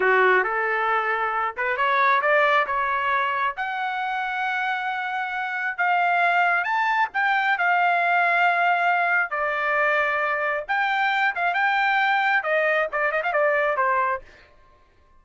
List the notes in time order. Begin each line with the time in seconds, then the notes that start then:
0.00 F#4
0.43 A4
1.57 B4
1.76 C#5
2.21 D5
2.66 C#5
3.56 F#5
5.77 F5
6.63 A5
7.13 G5
7.57 F5
9.30 D5
10.68 G5
11.35 F5
11.54 G5
12.43 D#5
12.92 D5
13.11 D#5
13.23 F5
13.32 D5
13.77 C5